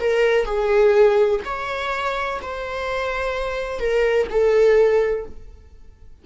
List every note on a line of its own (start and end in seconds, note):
0.00 0.45 A#4
0.45 1.40 G#4
1.45 2.40 C#5
2.42 3.80 C5
3.80 4.28 A#4
4.30 5.26 A4